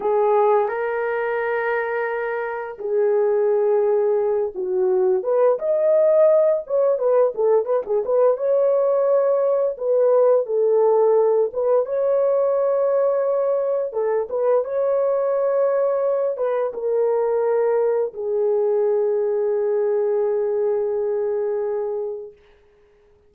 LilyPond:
\new Staff \with { instrumentName = "horn" } { \time 4/4 \tempo 4 = 86 gis'4 ais'2. | gis'2~ gis'8 fis'4 b'8 | dis''4. cis''8 b'8 a'8 b'16 gis'16 b'8 | cis''2 b'4 a'4~ |
a'8 b'8 cis''2. | a'8 b'8 cis''2~ cis''8 b'8 | ais'2 gis'2~ | gis'1 | }